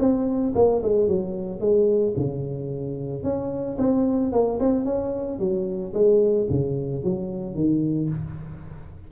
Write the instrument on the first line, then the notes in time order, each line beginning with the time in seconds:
tuba
0.00 C4
0.56 A#3
0.83 G#3
1.08 F#3
1.61 G#3
2.17 C#3
3.24 C#4
3.79 C4
4.32 A#3
4.60 C4
4.86 C#4
5.40 F#3
5.94 G#3
6.50 C#3
7.04 F#3
7.55 D#3